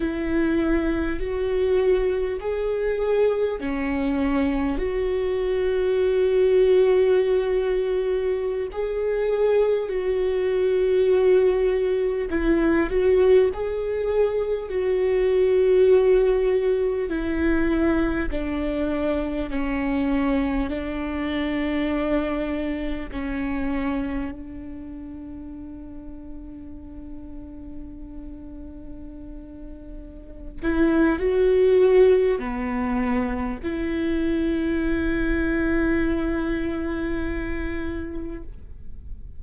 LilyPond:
\new Staff \with { instrumentName = "viola" } { \time 4/4 \tempo 4 = 50 e'4 fis'4 gis'4 cis'4 | fis'2.~ fis'16 gis'8.~ | gis'16 fis'2 e'8 fis'8 gis'8.~ | gis'16 fis'2 e'4 d'8.~ |
d'16 cis'4 d'2 cis'8.~ | cis'16 d'2.~ d'8.~ | d'4. e'8 fis'4 b4 | e'1 | }